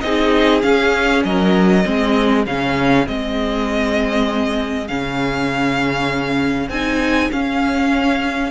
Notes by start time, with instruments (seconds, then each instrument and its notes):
0.00 cello C4, viola D#4, violin G#4 D#5
0.62 viola C#4, cello C#4, violin F5
1.24 cello F#3, violin A#4 D#5
1.84 cello G#3, viola C4, violin G#4
2.46 cello C#3, viola C#4, violin F5
3.06 cello G#3, viola C4, violin D#5
4.87 cello C#3, viola C#4, violin F5
6.68 cello C4, viola D#4, violin G#5
7.31 viola C#4, cello C#4, violin F5